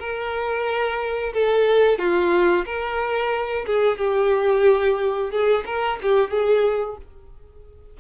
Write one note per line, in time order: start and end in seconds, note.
0.00 1.33 A#4
1.34 1.99 A4
1.99 2.65 F4
2.66 3.66 A#4
3.67 3.98 G#4
3.98 5.31 G4
5.31 5.65 G#4
5.66 5.99 A#4
6.02 6.31 G4
6.31 6.97 G#4